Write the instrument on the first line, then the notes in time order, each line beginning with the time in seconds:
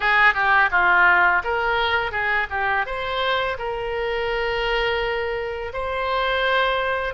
oboe
0.00 G#4
0.34 G4
0.71 F4
1.44 A#4
2.11 G#4
2.50 G4
2.85 C5
3.58 A#4
5.73 C5